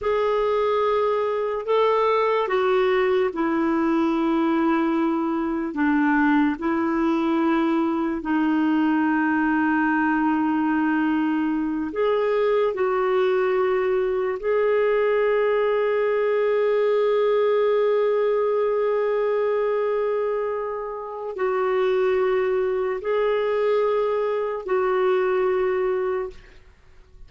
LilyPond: \new Staff \with { instrumentName = "clarinet" } { \time 4/4 \tempo 4 = 73 gis'2 a'4 fis'4 | e'2. d'4 | e'2 dis'2~ | dis'2~ dis'8 gis'4 fis'8~ |
fis'4. gis'2~ gis'8~ | gis'1~ | gis'2 fis'2 | gis'2 fis'2 | }